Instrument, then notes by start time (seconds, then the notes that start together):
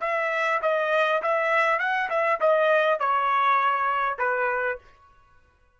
trumpet
0.00 E5
0.62 D#5
1.22 E5
1.79 F#5
2.09 E5
2.40 D#5
2.99 C#5
4.18 B4